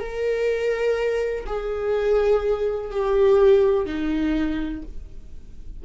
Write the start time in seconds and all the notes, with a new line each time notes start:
0.00 A#4
1.46 G#4
2.91 G4
3.86 D#4